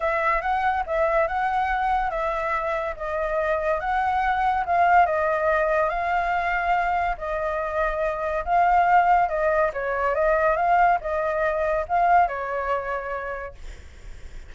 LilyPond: \new Staff \with { instrumentName = "flute" } { \time 4/4 \tempo 4 = 142 e''4 fis''4 e''4 fis''4~ | fis''4 e''2 dis''4~ | dis''4 fis''2 f''4 | dis''2 f''2~ |
f''4 dis''2. | f''2 dis''4 cis''4 | dis''4 f''4 dis''2 | f''4 cis''2. | }